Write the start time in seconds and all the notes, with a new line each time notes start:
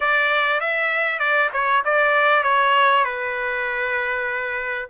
0.00 D5
0.60 E5
1.19 D5
1.52 C#5
1.85 D5
2.43 C#5
3.04 B4